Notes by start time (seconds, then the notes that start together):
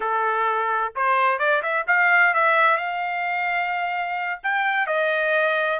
0.00 A4
0.95 C5
1.38 D5
1.62 E5
1.87 F5
2.34 E5
2.77 F5
4.43 G5
4.86 D#5